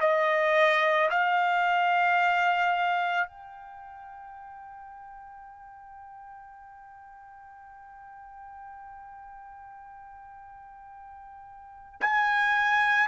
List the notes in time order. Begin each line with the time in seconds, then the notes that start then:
0.00 D#5
1.10 F5
3.28 G5
12.01 G#5